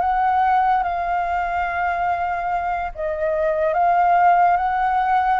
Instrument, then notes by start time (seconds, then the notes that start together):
flute
0.00 F#5
0.83 F5
2.94 D#5
3.73 F5
4.56 F#5